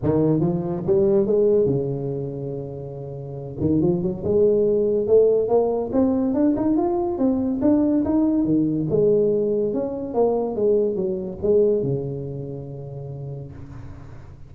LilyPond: \new Staff \with { instrumentName = "tuba" } { \time 4/4 \tempo 4 = 142 dis4 f4 g4 gis4 | cis1~ | cis8 dis8 f8 fis8 gis2 | a4 ais4 c'4 d'8 dis'8 |
f'4 c'4 d'4 dis'4 | dis4 gis2 cis'4 | ais4 gis4 fis4 gis4 | cis1 | }